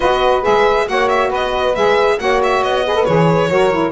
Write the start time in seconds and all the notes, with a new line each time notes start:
0.00 B3 F#4 B4 D#5
0.42 G#3 G#4 E5
0.85 A#3 F#4 C#5 F#5
1.08 E5
1.28 B3 B4 D#5
1.75 G#3 G#4 E5
2.18 A#3 F#4 C#5 F#5
2.43 E5
2.62 B3 D#5
2.85 G#4 B4
2.94 A4
3.04 E3 G#4 C#5
3.48 F#3 F#4 A#4
3.70 E4